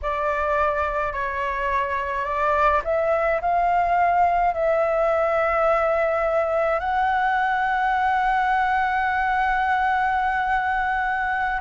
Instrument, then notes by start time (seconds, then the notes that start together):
flute
0.02 D5
1.13 C#5
2.25 D5
2.84 E5
3.41 F5
4.54 E5
6.79 F#5